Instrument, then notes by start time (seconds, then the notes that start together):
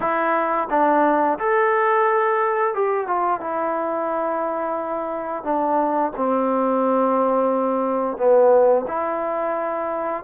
trombone
0.00 E4
0.70 D4
1.38 A4
2.74 G4
3.07 F4
3.40 E4
5.43 D4
6.16 C4
8.17 B3
8.87 E4